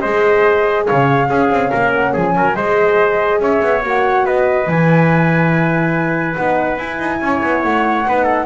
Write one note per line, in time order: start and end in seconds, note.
0.00 0.89 G#3
0.00 1.31 G#4
0.00 0.86 C5
0.00 0.85 D#5
0.86 1.28 C#3
0.86 1.29 C#5
0.86 1.92 F5
1.28 1.49 C#4
1.28 2.55 C#4
1.28 1.70 G#4
1.50 1.71 C4
1.70 2.16 A#3
1.70 2.12 A#4
1.93 2.15 F#5
2.13 2.35 F3
2.13 2.34 G#4
2.13 2.56 G#5
2.35 2.56 F#3
2.35 2.56 A#4
2.55 3.40 G#3
2.55 3.82 G#4
2.55 3.40 C5
2.55 3.40 D#5
3.40 3.61 C#4
3.40 4.25 C#5
3.40 3.83 E5
3.62 3.83 B3
3.82 4.25 A#3
3.82 4.67 F#4
3.82 4.27 F#5
4.25 4.67 B3
4.25 7.21 B4
4.25 4.69 D#5
4.67 6.36 E3
4.67 6.37 E4
4.67 6.35 G#5
6.35 6.78 B3
6.35 6.79 D#4
6.35 6.77 F#5
6.78 6.99 E4
6.78 8.07 E4
6.78 7.62 G#5
6.99 7.21 D#4
7.21 7.42 C#4
7.21 8.08 C#5
7.43 7.64 B3
7.62 8.06 A3
7.62 8.46 F#5
8.06 8.46 B3
8.06 8.46 D#4
8.06 8.24 B4
8.24 8.45 A4